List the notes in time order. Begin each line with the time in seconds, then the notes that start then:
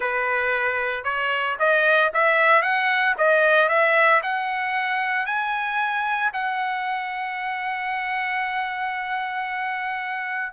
0.00 B4
1.04 C#5
1.59 D#5
2.13 E5
2.62 F#5
3.17 D#5
3.68 E5
4.22 F#5
5.26 G#5
6.33 F#5